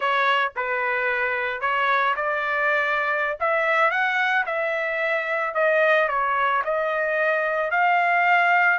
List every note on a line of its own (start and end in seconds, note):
0.00 0.52 C#5
0.56 1.60 B4
1.60 2.14 C#5
2.15 3.37 D5
3.40 3.90 E5
3.90 4.44 F#5
4.46 5.54 E5
5.54 6.08 D#5
6.08 6.62 C#5
6.64 7.71 D#5
7.71 8.78 F5